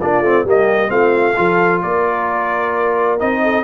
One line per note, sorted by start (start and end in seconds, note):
0.00 0.21 A#3
0.00 0.24 D4
0.00 0.46 F4
0.00 0.46 D5
0.21 0.43 A3
0.21 0.46 C4
0.44 0.90 G3
0.44 0.87 A#3
0.44 0.91 G4
0.44 0.90 D#5
0.87 1.37 A3
0.87 1.33 C4
0.87 1.36 F4
0.87 1.81 F5
1.36 1.83 F3
1.36 3.19 F4
1.36 1.82 A4
1.82 3.20 A#3
1.82 3.42 A#4
1.82 3.19 D5
3.19 3.64 C4
3.19 3.64 D#4
3.19 3.64 D#5
3.42 3.64 A4